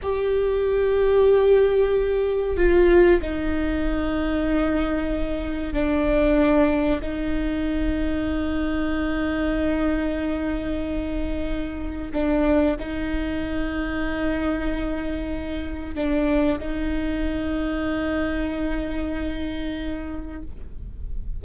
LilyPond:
\new Staff \with { instrumentName = "viola" } { \time 4/4 \tempo 4 = 94 g'1 | f'4 dis'2.~ | dis'4 d'2 dis'4~ | dis'1~ |
dis'2. d'4 | dis'1~ | dis'4 d'4 dis'2~ | dis'1 | }